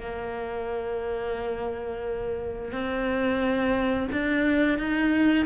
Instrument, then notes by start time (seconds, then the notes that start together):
cello
0.00 A#3
2.72 C4
4.12 D4
4.78 D#4